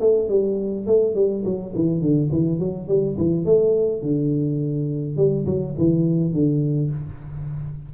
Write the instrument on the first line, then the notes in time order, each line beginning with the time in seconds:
tuba
0.00 A3
0.29 G3
0.87 A3
1.15 G3
1.45 F#3
1.75 E3
2.01 D3
2.32 E3
2.59 F#3
2.88 G3
3.18 E3
3.45 A3
4.02 D3
5.17 G3
5.46 F#3
5.78 E3
6.33 D3